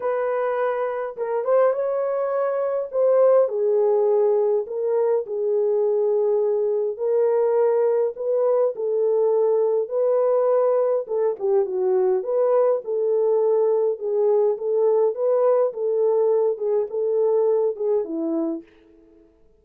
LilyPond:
\new Staff \with { instrumentName = "horn" } { \time 4/4 \tempo 4 = 103 b'2 ais'8 c''8 cis''4~ | cis''4 c''4 gis'2 | ais'4 gis'2. | ais'2 b'4 a'4~ |
a'4 b'2 a'8 g'8 | fis'4 b'4 a'2 | gis'4 a'4 b'4 a'4~ | a'8 gis'8 a'4. gis'8 e'4 | }